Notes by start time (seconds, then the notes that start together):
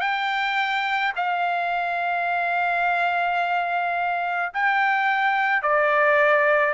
0.00 G5
1.16 F5
4.53 G5
5.62 D5